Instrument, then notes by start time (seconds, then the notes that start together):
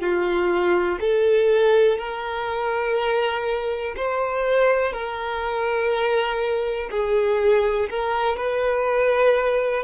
violin
0.00 F4
1.01 A4
1.98 A#4
3.97 C5
4.93 A#4
6.91 G#4
7.90 A#4
8.37 B4